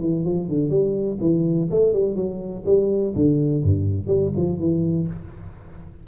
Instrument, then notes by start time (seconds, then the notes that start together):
tuba
0.00 E3
0.25 F3
0.48 D3
0.70 G3
1.20 E3
1.70 A3
1.93 G3
2.15 F#3
2.65 G3
3.15 D3
3.63 G2
4.07 G3
4.36 F3
4.59 E3